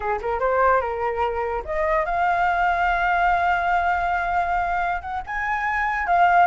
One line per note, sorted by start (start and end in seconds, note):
0.00 0.19 G#4
0.21 0.39 A#4
0.39 0.80 C5
0.80 1.63 A#4
1.64 2.05 D#5
2.05 5.01 F5
5.01 5.22 F#5
5.26 6.06 G#5
6.06 6.46 F5